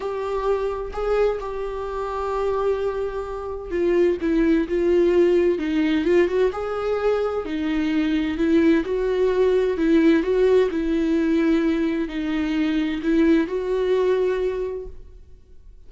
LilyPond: \new Staff \with { instrumentName = "viola" } { \time 4/4 \tempo 4 = 129 g'2 gis'4 g'4~ | g'1 | f'4 e'4 f'2 | dis'4 f'8 fis'8 gis'2 |
dis'2 e'4 fis'4~ | fis'4 e'4 fis'4 e'4~ | e'2 dis'2 | e'4 fis'2. | }